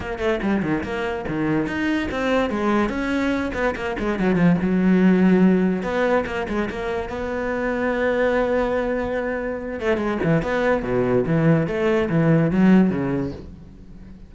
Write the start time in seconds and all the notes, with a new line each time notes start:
0.00 A#3
0.19 A3
0.42 G3
0.62 D#3
0.83 A#3
1.28 D#3
1.66 D#4
2.11 C4
2.50 G#3
2.89 C#4
3.53 B3
3.75 A#3
3.99 G#3
4.19 F#3
4.35 F3
4.61 F#3
5.82 B3
6.26 A#3
6.48 G#3
6.70 A#3
7.09 B3
9.80 A3
9.97 G#3
10.23 E3
10.42 B3
10.83 B2
11.26 E3
11.67 A3
12.09 E3
12.50 F#3
12.90 C#3